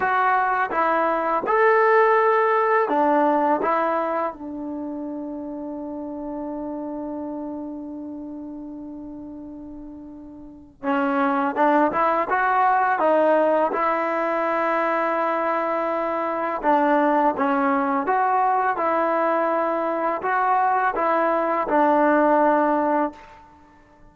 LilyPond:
\new Staff \with { instrumentName = "trombone" } { \time 4/4 \tempo 4 = 83 fis'4 e'4 a'2 | d'4 e'4 d'2~ | d'1~ | d'2. cis'4 |
d'8 e'8 fis'4 dis'4 e'4~ | e'2. d'4 | cis'4 fis'4 e'2 | fis'4 e'4 d'2 | }